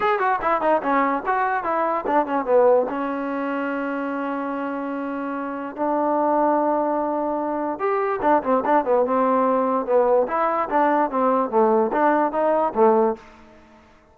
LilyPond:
\new Staff \with { instrumentName = "trombone" } { \time 4/4 \tempo 4 = 146 gis'8 fis'8 e'8 dis'8 cis'4 fis'4 | e'4 d'8 cis'8 b4 cis'4~ | cis'1~ | cis'2 d'2~ |
d'2. g'4 | d'8 c'8 d'8 b8 c'2 | b4 e'4 d'4 c'4 | a4 d'4 dis'4 a4 | }